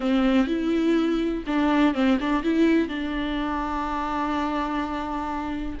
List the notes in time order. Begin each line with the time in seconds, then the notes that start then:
0.00 C4
0.47 E4
1.46 D4
1.94 C4
2.20 D4
2.43 E4
2.88 D4